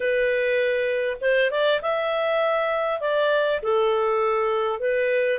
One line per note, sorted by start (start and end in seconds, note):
0.00 1.17 B4
1.20 1.50 C5
1.51 1.81 D5
1.81 3.00 E5
3.00 3.60 D5
3.62 4.79 A4
4.79 5.39 B4